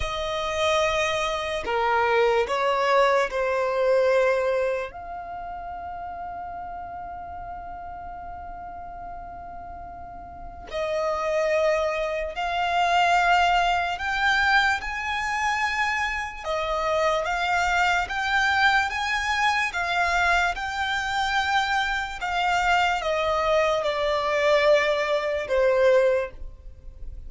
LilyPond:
\new Staff \with { instrumentName = "violin" } { \time 4/4 \tempo 4 = 73 dis''2 ais'4 cis''4 | c''2 f''2~ | f''1~ | f''4 dis''2 f''4~ |
f''4 g''4 gis''2 | dis''4 f''4 g''4 gis''4 | f''4 g''2 f''4 | dis''4 d''2 c''4 | }